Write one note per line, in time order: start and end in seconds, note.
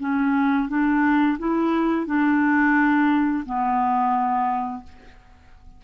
0.00 0.69 C#4
0.69 1.38 D4
1.39 2.07 E4
2.07 3.45 D4
3.45 4.83 B3